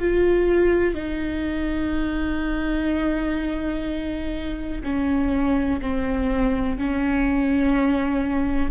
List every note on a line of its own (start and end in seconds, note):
0.00 0.95 F4
0.95 4.82 D#4
4.84 5.81 C#4
5.81 6.78 C4
6.78 8.71 C#4